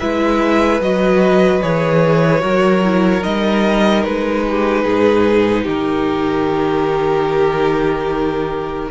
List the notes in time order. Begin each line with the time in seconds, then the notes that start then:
0.00 G#3 E4 B4 E5
0.81 F#3 F#4 D#5
1.62 E3 G#4 C#5
2.40 F#3 F#4 A#4
2.85 E4
3.22 G3 D#4 D#5
4.04 G#3 B4
4.48 G4
4.85 G#2 G#4
5.65 D#3 G4 A#4